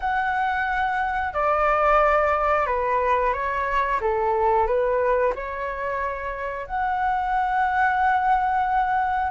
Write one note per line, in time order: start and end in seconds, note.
0.00 1.33 F#5
1.33 2.66 D5
2.66 3.33 B4
3.33 4.00 C#5
4.00 4.66 A4
4.66 5.33 B4
5.35 6.66 C#5
6.66 9.31 F#5